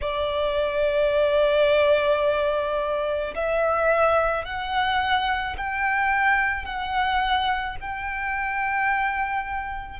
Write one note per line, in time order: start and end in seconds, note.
0.01 3.34 D5
3.34 4.44 E5
4.44 5.56 F#5
5.57 6.65 G5
6.65 7.76 F#5
7.80 9.99 G5